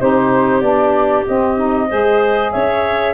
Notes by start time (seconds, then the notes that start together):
0.00 C4 D#4 G4 C5
0.61 B3 D4 D5
1.27 C4 D#5
1.58 D#4
1.89 G#3 G#4 C5
2.52 C#4 C#5 E5